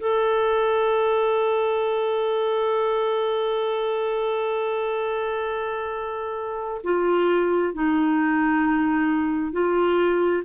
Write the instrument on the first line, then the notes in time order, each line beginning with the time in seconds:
clarinet
0.00 A4
6.84 F4
7.74 D#4
9.52 F4